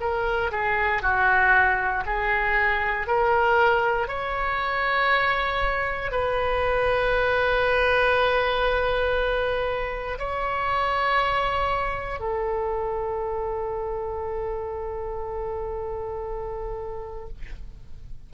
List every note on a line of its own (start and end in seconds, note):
0.00 0.51 A#4
0.51 1.02 G#4
1.02 2.04 F#4
2.06 3.06 G#4
3.06 4.07 A#4
4.07 6.11 C#5
6.11 10.18 B4
10.18 12.19 C#5
12.19 17.28 A4